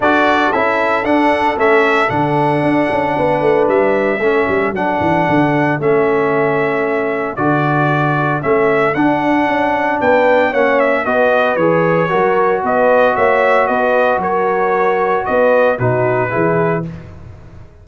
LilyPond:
<<
  \new Staff \with { instrumentName = "trumpet" } { \time 4/4 \tempo 4 = 114 d''4 e''4 fis''4 e''4 | fis''2. e''4~ | e''4 fis''2 e''4~ | e''2 d''2 |
e''4 fis''2 g''4 | fis''8 e''8 dis''4 cis''2 | dis''4 e''4 dis''4 cis''4~ | cis''4 dis''4 b'2 | }
  \new Staff \with { instrumentName = "horn" } { \time 4/4 a'1~ | a'2 b'2 | a'1~ | a'1~ |
a'2. b'4 | cis''4 b'2 ais'4 | b'4 cis''4 b'4 ais'4~ | ais'4 b'4 fis'4 gis'4 | }
  \new Staff \with { instrumentName = "trombone" } { \time 4/4 fis'4 e'4 d'4 cis'4 | d'1 | cis'4 d'2 cis'4~ | cis'2 fis'2 |
cis'4 d'2. | cis'4 fis'4 gis'4 fis'4~ | fis'1~ | fis'2 dis'4 e'4 | }
  \new Staff \with { instrumentName = "tuba" } { \time 4/4 d'4 cis'4 d'4 a4 | d4 d'8 cis'8 b8 a8 g4 | a8 g8 fis8 e8 d4 a4~ | a2 d2 |
a4 d'4 cis'4 b4 | ais4 b4 e4 fis4 | b4 ais4 b4 fis4~ | fis4 b4 b,4 e4 | }
>>